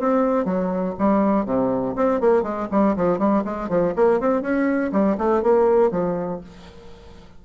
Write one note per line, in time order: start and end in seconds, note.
0.00 0.45 C4
0.45 0.95 F#3
0.99 1.46 G3
1.46 1.95 C3
1.96 2.21 C4
2.21 2.43 A#3
2.43 2.68 G#3
2.71 2.96 G3
2.96 3.19 F3
3.19 3.43 G3
3.45 3.69 G#3
3.69 3.94 F3
3.96 4.20 A#3
4.20 4.42 C4
4.42 4.91 C#4
4.92 5.17 G3
5.18 5.43 A3
5.43 5.91 A#3
5.91 6.41 F3